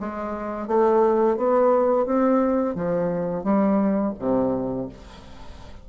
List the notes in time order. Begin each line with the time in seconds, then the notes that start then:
0.00 G#3
0.68 A3
1.38 B3
2.06 C4
2.76 F3
3.44 G3
4.19 C3